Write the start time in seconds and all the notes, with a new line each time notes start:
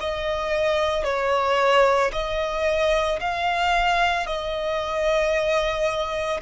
0.00 D#5
1.04 C#5
2.12 D#5
3.20 F5
4.26 D#5